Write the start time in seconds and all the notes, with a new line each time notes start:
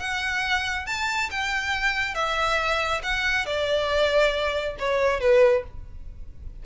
0.00 F#5
0.87 A5
1.31 G5
2.15 E5
3.03 F#5
3.46 D5
4.79 C#5
5.21 B4